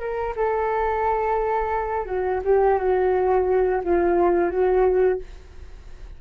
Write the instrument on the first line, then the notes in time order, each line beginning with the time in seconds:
flute
0.00 A#4
0.36 A4
2.06 F#4
2.45 G4
2.79 F#4
3.84 F4
4.50 F#4